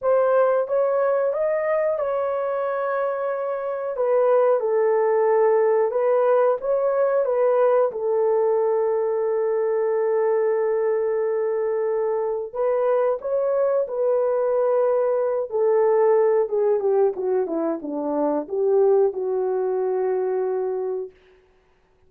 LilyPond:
\new Staff \with { instrumentName = "horn" } { \time 4/4 \tempo 4 = 91 c''4 cis''4 dis''4 cis''4~ | cis''2 b'4 a'4~ | a'4 b'4 cis''4 b'4 | a'1~ |
a'2. b'4 | cis''4 b'2~ b'8 a'8~ | a'4 gis'8 g'8 fis'8 e'8 d'4 | g'4 fis'2. | }